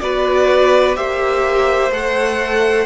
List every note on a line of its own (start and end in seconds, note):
0.00 0.97 B3
0.00 0.95 F#4
0.00 0.97 B4
0.00 0.95 D5
0.95 1.91 A#3
0.95 1.91 G4
0.95 2.86 C5
0.95 1.92 E5
1.91 2.86 A3
1.91 2.86 A4
1.91 2.86 F#5